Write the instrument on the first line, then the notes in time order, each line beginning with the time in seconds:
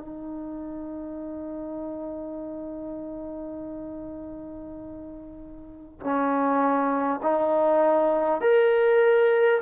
trombone
0.00 D#4
6.01 C#4
7.23 D#4
8.41 A#4